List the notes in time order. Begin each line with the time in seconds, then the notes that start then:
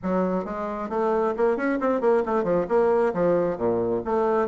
0.02 F#3
0.45 G#3
0.89 A3
1.36 A#3
1.56 C#4
1.80 C4
2.00 A#3
2.25 A3
2.43 F3
2.68 A#3
3.13 F3
3.57 A#2
4.05 A3